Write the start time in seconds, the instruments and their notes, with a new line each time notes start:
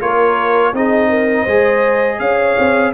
0.00 tuba A#3, trombone F4, horn A#4, trumpet C#5
0.73 tuba C4, trombone D#4, horn G#4, trumpet D#5
1.09 horn A#4
1.43 tuba G#3, trombone G#4, horn C5
2.19 tuba C#4, horn C#5, trumpet F5
2.58 tuba C4